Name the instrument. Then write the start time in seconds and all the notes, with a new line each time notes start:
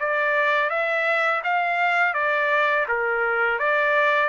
trumpet
0.00 D5
0.70 E5
1.44 F5
2.14 D5
2.89 A#4
3.59 D5